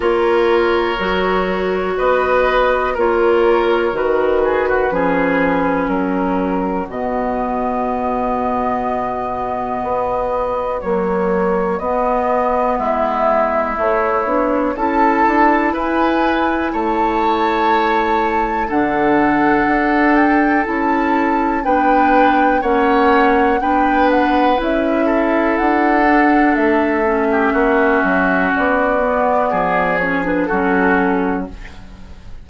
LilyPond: <<
  \new Staff \with { instrumentName = "flute" } { \time 4/4 \tempo 4 = 61 cis''2 dis''4 cis''4 | b'2 ais'4 dis''4~ | dis''2. cis''4 | dis''4 e''4 cis''4 a''4 |
gis''4 a''2 fis''4~ | fis''8 g''8 a''4 g''4 fis''4 | g''8 fis''8 e''4 fis''4 e''4~ | e''4 d''4. cis''16 b'16 a'4 | }
  \new Staff \with { instrumentName = "oboe" } { \time 4/4 ais'2 b'4 ais'4~ | ais'8 gis'16 fis'16 gis'4 fis'2~ | fis'1~ | fis'4 e'2 a'4 |
b'4 cis''2 a'4~ | a'2 b'4 cis''4 | b'4. a'2~ a'16 g'16 | fis'2 gis'4 fis'4 | }
  \new Staff \with { instrumentName = "clarinet" } { \time 4/4 f'4 fis'2 f'4 | fis'4 cis'2 b4~ | b2. fis4 | b2 a8 d'8 e'4~ |
e'2. d'4~ | d'4 e'4 d'4 cis'4 | d'4 e'4. d'4 cis'8~ | cis'4. b4 cis'16 d'16 cis'4 | }
  \new Staff \with { instrumentName = "bassoon" } { \time 4/4 ais4 fis4 b4 ais4 | dis4 f4 fis4 b,4~ | b,2 b4 ais4 | b4 gis4 a8 b8 cis'8 d'8 |
e'4 a2 d4 | d'4 cis'4 b4 ais4 | b4 cis'4 d'4 a4 | ais8 fis8 b4 f4 fis4 | }
>>